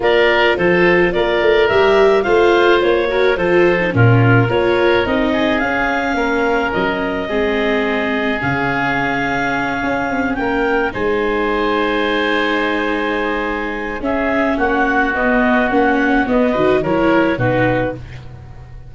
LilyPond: <<
  \new Staff \with { instrumentName = "clarinet" } { \time 4/4 \tempo 4 = 107 d''4 c''4 d''4 e''4 | f''4 cis''4 c''4 ais'4 | cis''4 dis''4 f''2 | dis''2. f''4~ |
f''2~ f''8 g''4 gis''8~ | gis''1~ | gis''4 e''4 fis''4 dis''4 | fis''4 dis''4 cis''4 b'4 | }
  \new Staff \with { instrumentName = "oboe" } { \time 4/4 ais'4 a'4 ais'2 | c''4. ais'8 a'4 f'4 | ais'4. gis'4. ais'4~ | ais'4 gis'2.~ |
gis'2~ gis'8 ais'4 c''8~ | c''1~ | c''4 gis'4 fis'2~ | fis'4. b'8 ais'4 fis'4 | }
  \new Staff \with { instrumentName = "viola" } { \time 4/4 f'2. g'4 | f'4. fis'8 f'8. dis'16 cis'4 | f'4 dis'4 cis'2~ | cis'4 c'2 cis'4~ |
cis'2.~ cis'8 dis'8~ | dis'1~ | dis'4 cis'2 b4 | cis'4 b8 fis'8 e'4 dis'4 | }
  \new Staff \with { instrumentName = "tuba" } { \time 4/4 ais4 f4 ais8 a8 g4 | a4 ais4 f4 ais,4 | ais4 c'4 cis'4 ais4 | fis4 gis2 cis4~ |
cis4. cis'8 c'8 ais4 gis8~ | gis1~ | gis4 cis'4 ais4 b4 | ais4 b8 dis8 fis4 b,4 | }
>>